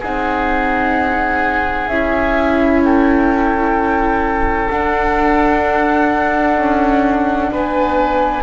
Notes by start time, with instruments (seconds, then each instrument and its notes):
0.00 double bass C4, viola D#4, oboe G#4, flute F#5
1.88 double bass C#4, viola E4, flute E5
2.84 oboe A4, flute G5
4.70 double bass D4, viola D4, flute F#5
6.57 double bass C#4
7.51 double bass B3, oboe B4, flute G#5